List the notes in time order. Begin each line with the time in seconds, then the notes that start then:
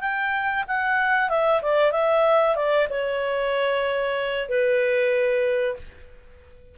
0.00 G5
0.67 F#5
1.29 E5
1.62 D5
1.91 E5
2.55 D5
2.89 C#5
4.48 B4